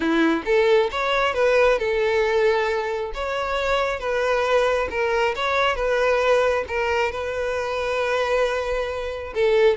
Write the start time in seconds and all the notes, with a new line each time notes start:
0.00 E4
0.45 A4
0.91 C#5
1.34 B4
1.78 A4
3.14 C#5
3.99 B4
4.90 A#4
5.35 C#5
5.75 B4
6.67 A#4
7.11 B4
9.34 A4